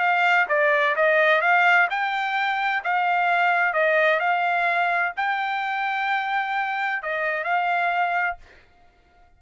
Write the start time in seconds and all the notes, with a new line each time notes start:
0.00 F5
0.49 D5
0.96 D#5
1.42 F5
1.90 G5
2.84 F5
3.74 D#5
4.20 F5
5.17 G5
7.03 D#5
7.44 F5